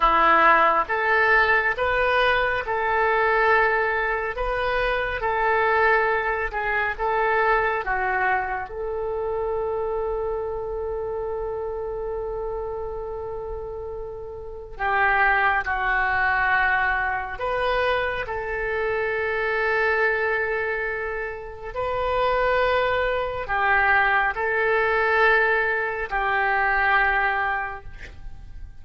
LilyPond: \new Staff \with { instrumentName = "oboe" } { \time 4/4 \tempo 4 = 69 e'4 a'4 b'4 a'4~ | a'4 b'4 a'4. gis'8 | a'4 fis'4 a'2~ | a'1~ |
a'4 g'4 fis'2 | b'4 a'2.~ | a'4 b'2 g'4 | a'2 g'2 | }